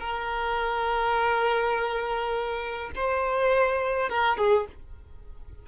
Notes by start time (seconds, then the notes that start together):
0.00 A#4
2.96 C5
4.10 A#4
4.37 G#4